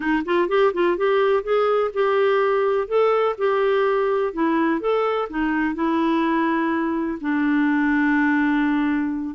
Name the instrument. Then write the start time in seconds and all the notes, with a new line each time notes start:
clarinet
0.00 D#4
0.25 F4
0.48 G4
0.73 F4
0.97 G4
1.43 G#4
1.93 G4
2.87 A4
3.38 G4
4.33 E4
4.80 A4
5.29 D#4
5.74 E4
7.20 D4